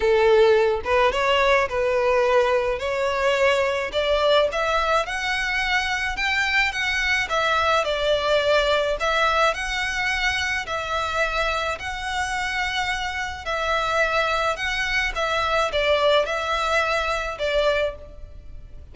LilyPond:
\new Staff \with { instrumentName = "violin" } { \time 4/4 \tempo 4 = 107 a'4. b'8 cis''4 b'4~ | b'4 cis''2 d''4 | e''4 fis''2 g''4 | fis''4 e''4 d''2 |
e''4 fis''2 e''4~ | e''4 fis''2. | e''2 fis''4 e''4 | d''4 e''2 d''4 | }